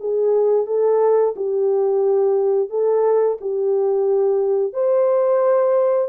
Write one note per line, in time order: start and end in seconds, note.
0.00 0.66 G#4
0.66 1.35 A4
1.36 2.70 G4
2.70 3.38 A4
3.41 4.74 G4
4.74 6.09 C5